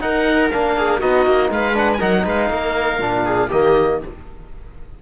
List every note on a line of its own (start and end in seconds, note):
0.00 0.50 D#4
0.00 0.51 D#4
0.00 0.78 A#4
0.00 0.51 F#5
0.51 1.02 A#3
0.51 1.01 D4
0.51 1.01 F5
0.78 0.99 G#4
0.99 1.27 B3
0.99 1.74 D#4
0.99 1.49 F#4
0.99 1.51 D#5
1.27 1.50 A#3
1.50 2.00 G#3
1.50 1.99 B4
1.50 1.77 F5
1.74 1.99 D4
1.74 1.91 F#5
1.94 2.24 A#4
1.94 2.01 G#5
2.01 2.26 F#3
2.01 3.00 D#4
2.01 2.26 F#5
2.25 2.50 G#3
2.25 2.50 B4
2.25 3.51 F5
2.50 2.99 A#3
2.50 3.25 A#4
2.99 3.49 A#2
2.99 3.50 D4
3.25 3.49 G#4
3.49 4.02 D#3
3.49 4.02 A#3
3.49 3.99 G4
3.49 4.01 D#5